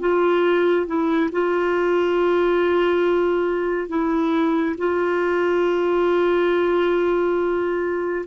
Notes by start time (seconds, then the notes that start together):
0.00 F4
0.86 E4
1.32 F4
3.88 E4
4.77 F4